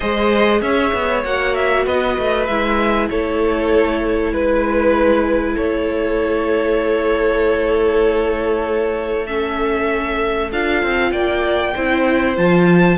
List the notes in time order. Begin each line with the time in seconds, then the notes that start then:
0.00 G#3 G#4 C5 D#5
0.61 C#4 C#5 E5
0.93 B3
1.24 A#3 F#4 F#5
1.54 E5
1.85 B3 B4 D#5
2.18 A3
2.46 G#3 E4 E5
3.09 A3 A4 C#5
4.32 G#3 B4
5.53 A3 A4 C#5
9.26 C#4 E5
10.51 D4 F4 F5
10.82 C4
11.11 A#3 D5 G5
11.75 C4 E4 C5
12.36 F3 F4 A5